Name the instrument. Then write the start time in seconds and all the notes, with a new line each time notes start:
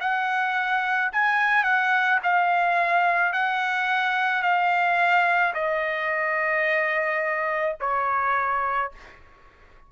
trumpet
0.00 F#5
1.12 G#5
1.64 F#5
2.23 F5
3.32 F#5
4.42 F5
5.54 D#5
7.80 C#5